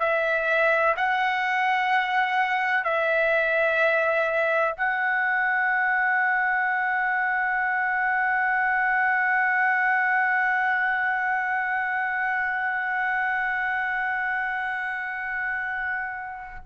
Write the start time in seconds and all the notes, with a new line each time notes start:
0.00 E5
0.97 F#5
2.84 E5
4.77 F#5